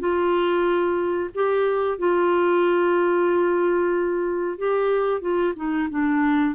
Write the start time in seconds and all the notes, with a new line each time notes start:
0.00 F4
1.35 G4
1.99 F4
4.59 G4
5.21 F4
5.56 D#4
5.90 D4